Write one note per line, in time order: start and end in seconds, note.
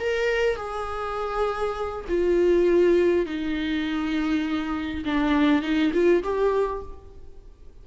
0.00 0.56 A#4
0.56 2.05 G#4
2.08 3.26 F4
3.26 5.04 D#4
5.05 5.62 D4
5.62 5.92 D#4
5.93 6.23 F4
6.23 6.83 G4